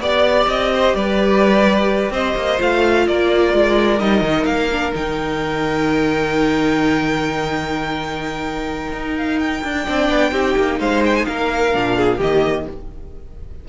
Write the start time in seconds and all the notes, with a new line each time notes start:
0.00 B3 G4 D5
0.47 C4 D#5
0.75 C5
0.95 G3 B4 D5
2.11 C4 C5 D#5
2.36 A#3
2.58 A3 F4 F5
3.07 A#3 A#4 D5
3.54 G#3
3.99 G3 D#4 D#5
4.21 D#3
4.45 A#3 F5
4.72 D4
4.92 D#3 D#4 G5
8.92 D#4
9.17 F5
9.39 G5
9.64 D4
9.84 C4 D4 D5
10.09 B3
10.32 C4 D#4 G4
10.57 A#3
10.80 G#3 C5 F5
11.06 G5
11.16 G#5
11.25 A#3 A#4 F5
11.72 A#2 D4
11.96 G#4
12.18 D#3 A#3 G4 D#5